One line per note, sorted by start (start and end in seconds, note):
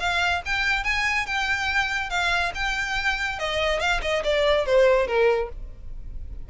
0.00 0.42 F5
0.46 0.84 G5
0.84 1.26 G#5
1.27 2.10 G5
2.10 2.53 F5
2.55 3.39 G5
3.39 3.80 D#5
3.80 4.01 F5
4.02 4.23 D#5
4.24 4.66 D5
4.66 5.07 C5
5.07 5.49 A#4